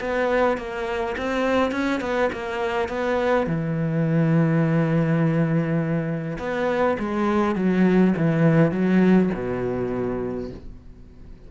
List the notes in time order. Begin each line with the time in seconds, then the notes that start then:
0.00 B3
0.57 A#3
1.17 C4
1.71 C#4
2.00 B3
2.32 A#3
2.88 B3
3.46 E3
6.38 B3
6.99 G#3
7.55 F#3
8.17 E3
8.71 F#3
9.34 B2